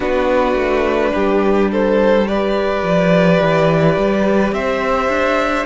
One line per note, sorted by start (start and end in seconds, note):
0.00 0.54 B3
0.00 2.26 D4
0.00 1.10 F#4
0.00 1.70 B4
0.54 1.11 A3
1.14 2.82 G3
1.14 1.70 G4
1.71 2.27 A4
1.71 2.27 C5
2.26 5.66 G4
2.26 4.54 B4
2.26 4.53 D5
2.82 3.39 F3
3.40 3.96 E3
3.96 4.52 G3
4.52 5.08 C4
4.52 5.66 C5
4.52 5.66 E5
5.08 5.65 D4